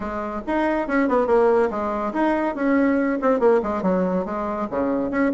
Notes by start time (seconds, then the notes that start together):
0.00 G#3
0.46 D#4
0.87 C#4
1.08 B3
1.26 A#3
1.70 G#3
2.13 D#4
2.55 C#4
3.21 C4
3.39 A#3
3.62 G#3
3.82 F#3
4.25 G#3
4.70 C#3
5.10 C#4